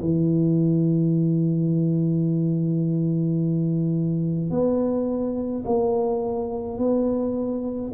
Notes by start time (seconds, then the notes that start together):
0.00 E3
4.50 B3
5.65 A#3
6.78 B3